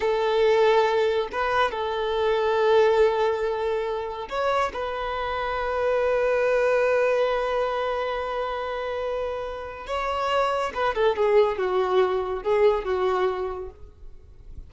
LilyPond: \new Staff \with { instrumentName = "violin" } { \time 4/4 \tempo 4 = 140 a'2. b'4 | a'1~ | a'2 cis''4 b'4~ | b'1~ |
b'1~ | b'2. cis''4~ | cis''4 b'8 a'8 gis'4 fis'4~ | fis'4 gis'4 fis'2 | }